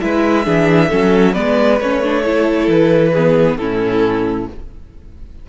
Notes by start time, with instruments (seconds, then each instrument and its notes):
0.00 cello G#3, viola E4, violin B4 E5
0.45 cello E3, viola D4, violin G#4
0.89 cello F#3, viola C#4, violin A4
1.33 cello G#3, viola B3, violin B4 D5
1.80 cello A3, viola C#4, violin C#5
2.03 viola D4
2.24 viola E4, violin A4
2.67 cello E3, violin B4
3.12 viola B3, violin G#4
3.57 cello A2, viola C#4, violin E4 A4